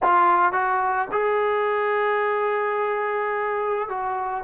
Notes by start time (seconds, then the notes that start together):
0.03 F4
0.52 F#4
1.11 G#4
3.89 F#4